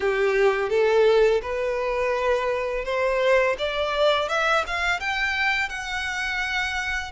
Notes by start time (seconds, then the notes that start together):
0.00 G4
0.69 A4
1.42 B4
2.84 C5
3.58 D5
4.28 E5
4.66 F5
4.99 G5
5.69 F#5